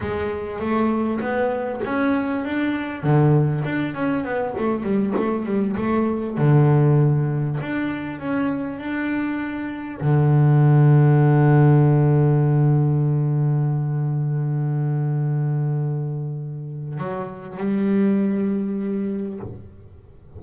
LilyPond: \new Staff \with { instrumentName = "double bass" } { \time 4/4 \tempo 4 = 99 gis4 a4 b4 cis'4 | d'4 d4 d'8 cis'8 b8 a8 | g8 a8 g8 a4 d4.~ | d8 d'4 cis'4 d'4.~ |
d'8 d2.~ d8~ | d1~ | d1 | fis4 g2. | }